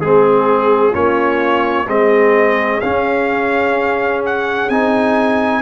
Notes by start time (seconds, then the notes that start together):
0.00 G#3 C4 G#4
0.91 A#3 C#4 F4 C#5
1.87 G#3 C4 G#4 D#5
2.80 C#4 F5
4.25 F#5
4.69 C4 D#4 G#5